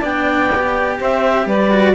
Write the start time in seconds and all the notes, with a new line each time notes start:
0.00 B3 D4 D5 G5
0.55 G4
0.99 C4 C5 E5
1.46 G3 B4 D5
1.71 F#4